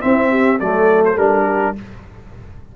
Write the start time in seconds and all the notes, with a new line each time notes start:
0.00 C4 E4 E5
0.30 G4
0.59 F#3 A3 A4 D5
1.05 C5
1.16 G3 D4 A#4
1.45 G4